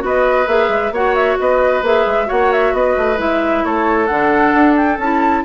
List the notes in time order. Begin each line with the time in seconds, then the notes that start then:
0.00 B3 F#4 B4
0.06 D#5
0.47 A#3 G#4 E5
0.69 G#3
0.91 A#3 F#4 C#5 F#5
1.15 E5
1.39 B3 B4 D#5
1.82 A#3 G#4 E5
2.06 G#3
2.25 A#3 F#4 C#5 F#5
2.52 E5
2.73 B3 B4 D#5
2.97 A3
3.17 G#3 E4 E5
3.64 A3 A4 C#5
4.07 D3 D4 F#5
4.54 D4
4.77 G5
4.98 C#4 E4 A5